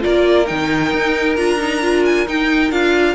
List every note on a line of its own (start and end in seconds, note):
0.00 0.50 A#3
0.00 0.45 F4
0.00 3.14 A#4
0.00 0.46 D5
0.46 0.93 D#3
0.46 1.36 D#4
0.46 1.36 G5
0.93 1.37 D#4
1.36 2.27 D4
1.36 1.59 F4
1.36 2.03 A#5
1.59 1.81 D#4
1.81 2.26 F4
2.05 2.27 G#5
2.26 2.71 D#4
2.26 2.71 G5
2.71 3.14 D4
2.71 3.14 F4
2.71 3.14 F5